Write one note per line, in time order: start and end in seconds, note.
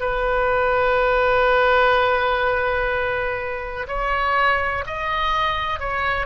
0.00 3.87 B4
3.88 4.85 C#5
4.87 5.79 D#5
5.79 6.26 C#5